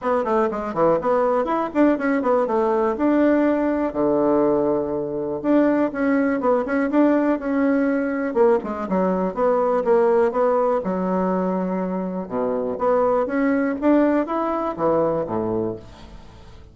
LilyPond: \new Staff \with { instrumentName = "bassoon" } { \time 4/4 \tempo 4 = 122 b8 a8 gis8 e8 b4 e'8 d'8 | cis'8 b8 a4 d'2 | d2. d'4 | cis'4 b8 cis'8 d'4 cis'4~ |
cis'4 ais8 gis8 fis4 b4 | ais4 b4 fis2~ | fis4 b,4 b4 cis'4 | d'4 e'4 e4 a,4 | }